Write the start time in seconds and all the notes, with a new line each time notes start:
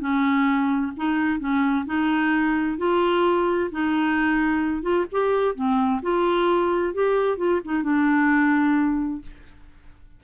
0.00 C#4
0.97 D#4
1.40 C#4
1.86 D#4
2.78 F4
3.72 D#4
4.82 F4
5.12 G4
5.55 C4
6.02 F4
6.94 G4
7.38 F4
7.65 D#4
7.83 D4